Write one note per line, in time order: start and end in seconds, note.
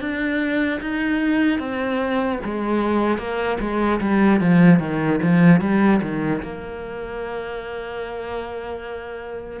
0.00 0.80 D4
0.80 1.59 D#4
1.59 2.39 C4
2.44 3.18 G#3
3.18 3.58 A#3
3.60 4.00 G#3
4.00 4.40 G3
4.40 4.79 F3
4.79 5.19 D#3
5.22 5.60 F3
5.60 6.00 G3
6.01 6.41 D#3
6.42 9.60 A#3